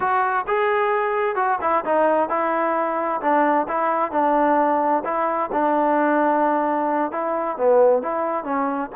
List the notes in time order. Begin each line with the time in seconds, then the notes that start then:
0.00 F#4
0.47 G#4
1.35 F#4
1.61 E4
1.85 D#4
2.29 E4
3.21 D4
3.68 E4
4.11 D4
5.04 E4
5.52 D4
7.11 E4
7.57 B3
8.02 E4
8.44 C#4